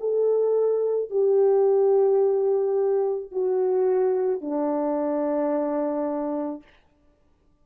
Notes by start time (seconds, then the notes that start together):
0.00 A4
1.10 G4
3.32 F#4
4.41 D4